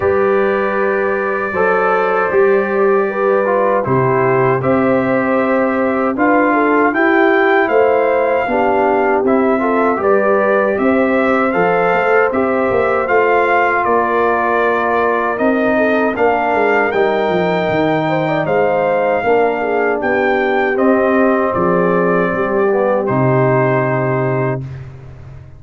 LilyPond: <<
  \new Staff \with { instrumentName = "trumpet" } { \time 4/4 \tempo 4 = 78 d''1~ | d''4 c''4 e''2 | f''4 g''4 f''2 | e''4 d''4 e''4 f''4 |
e''4 f''4 d''2 | dis''4 f''4 g''2 | f''2 g''4 dis''4 | d''2 c''2 | }
  \new Staff \with { instrumentName = "horn" } { \time 4/4 b'2 c''2 | b'4 g'4 c''2 | b'8 a'8 g'4 c''4 g'4~ | g'8 a'8 b'4 c''2~ |
c''2 ais'2~ | ais'8 a'8 ais'2~ ais'8 c''16 d''16 | c''4 ais'8 gis'8 g'2 | gis'4 g'2. | }
  \new Staff \with { instrumentName = "trombone" } { \time 4/4 g'2 a'4 g'4~ | g'8 f'8 e'4 g'2 | f'4 e'2 d'4 | e'8 f'8 g'2 a'4 |
g'4 f'2. | dis'4 d'4 dis'2~ | dis'4 d'2 c'4~ | c'4. b8 dis'2 | }
  \new Staff \with { instrumentName = "tuba" } { \time 4/4 g2 fis4 g4~ | g4 c4 c'2 | d'4 e'4 a4 b4 | c'4 g4 c'4 f8 a8 |
c'8 ais8 a4 ais2 | c'4 ais8 gis8 g8 f8 dis4 | gis4 ais4 b4 c'4 | f4 g4 c2 | }
>>